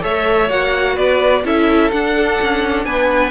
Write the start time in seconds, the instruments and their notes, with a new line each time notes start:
0.00 cello A3, viola A4, violin C#5 E5
0.49 cello A#3, viola F#4, violin F#5
0.95 cello B3, violin B4 D5
1.44 cello C#4, viola E4, violin A4 E5
1.91 cello D4, viola D4, violin F#5
2.41 cello C#4
2.85 cello B3, violin B4 G#5